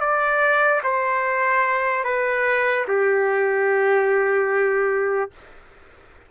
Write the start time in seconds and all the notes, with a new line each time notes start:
0.00 D5
0.83 C5
2.04 B4
2.87 G4